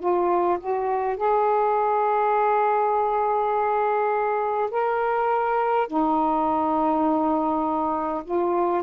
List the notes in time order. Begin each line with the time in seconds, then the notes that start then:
0.00 F4
0.60 F#4
1.17 G#4
4.71 A#4
5.88 D#4
8.25 F4